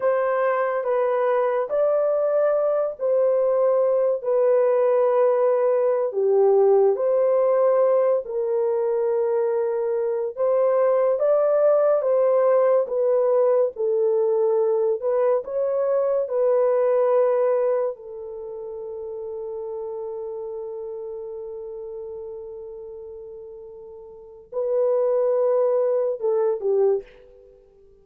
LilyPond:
\new Staff \with { instrumentName = "horn" } { \time 4/4 \tempo 4 = 71 c''4 b'4 d''4. c''8~ | c''4 b'2~ b'16 g'8.~ | g'16 c''4. ais'2~ ais'16~ | ais'16 c''4 d''4 c''4 b'8.~ |
b'16 a'4. b'8 cis''4 b'8.~ | b'4~ b'16 a'2~ a'8.~ | a'1~ | a'4 b'2 a'8 g'8 | }